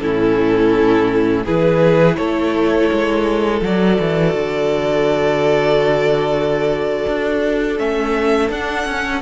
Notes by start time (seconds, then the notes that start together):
0.00 A2 C#4 E4 A4
1.45 E3 E4 G#4 B4
2.16 A3 A4 C#5
2.93 G#3
3.62 F#3 F#4 D5
4.00 E3
4.35 D3
7.07 D4
7.78 A3 C#4 E5
8.50 D4 F#5
8.86 C#4
8.92 C#4